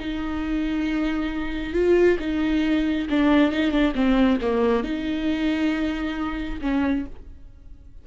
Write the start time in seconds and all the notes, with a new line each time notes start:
0.00 D#4
1.74 F4
2.20 D#4
3.10 D4
3.52 D#4
3.71 D4
3.95 C4
4.41 A#3
4.83 D#4
6.61 C#4